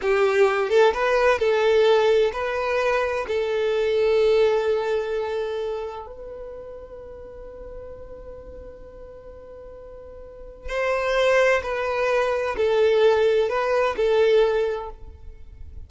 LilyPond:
\new Staff \with { instrumentName = "violin" } { \time 4/4 \tempo 4 = 129 g'4. a'8 b'4 a'4~ | a'4 b'2 a'4~ | a'1~ | a'4 b'2.~ |
b'1~ | b'2. c''4~ | c''4 b'2 a'4~ | a'4 b'4 a'2 | }